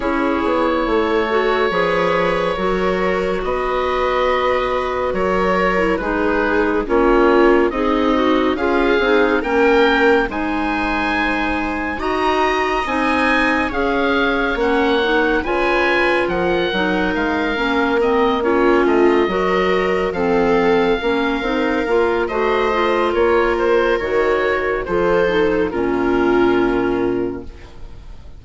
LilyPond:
<<
  \new Staff \with { instrumentName = "oboe" } { \time 4/4 \tempo 4 = 70 cis''1 | dis''2 cis''4 b'4 | cis''4 dis''4 f''4 g''4 | gis''2 ais''4 gis''4 |
f''4 fis''4 gis''4 fis''4 | f''4 dis''8 cis''8 dis''4. f''8~ | f''2 dis''4 cis''8 c''8 | cis''4 c''4 ais'2 | }
  \new Staff \with { instrumentName = "viola" } { \time 4/4 gis'4 a'4 b'4 ais'4 | b'2 ais'4 gis'4 | f'4 dis'4 gis'4 ais'4 | c''2 dis''2 |
cis''2 b'4 ais'4~ | ais'4. f'4 ais'4 a'8~ | a'8 ais'4. c''4 ais'4~ | ais'4 a'4 f'2 | }
  \new Staff \with { instrumentName = "clarinet" } { \time 4/4 e'4. fis'8 gis'4 fis'4~ | fis'2~ fis'8. e'16 dis'4 | cis'4 gis'8 fis'8 f'8 dis'8 cis'4 | dis'2 fis'4 dis'4 |
gis'4 cis'8 dis'8 f'4. dis'8~ | dis'8 cis'8 c'8 cis'4 fis'4 c'8~ | c'8 cis'8 dis'8 f'8 fis'8 f'4. | fis'4 f'8 dis'8 cis'2 | }
  \new Staff \with { instrumentName = "bassoon" } { \time 4/4 cis'8 b8 a4 f4 fis4 | b2 fis4 gis4 | ais4 c'4 cis'8 c'8 ais4 | gis2 dis'4 c'4 |
cis'4 ais4 cis4 f8 fis8 | gis8 ais4. a8 fis4 f8~ | f8 ais8 c'8 ais8 a4 ais4 | dis4 f4 ais,2 | }
>>